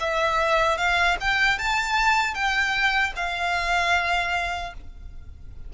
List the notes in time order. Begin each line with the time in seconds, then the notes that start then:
0.00 E5
0.78 F5
1.20 G5
1.59 A5
2.34 G5
3.16 F5